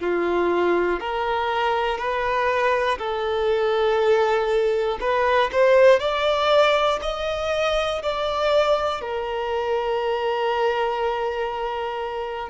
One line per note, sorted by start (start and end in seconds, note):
0.00 1.00 F4
1.00 1.98 A#4
1.98 2.98 B4
2.99 4.99 A4
5.00 5.50 B4
5.52 6.00 C5
6.00 7.00 D5
7.02 8.02 D#5
8.02 9.01 D5
9.01 12.50 A#4